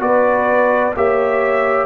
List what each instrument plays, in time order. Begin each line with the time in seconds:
0.00 tuba B3, trombone F#4, horn B4, trumpet D5
0.96 tuba A#3, trombone G4, horn C#5, trumpet E5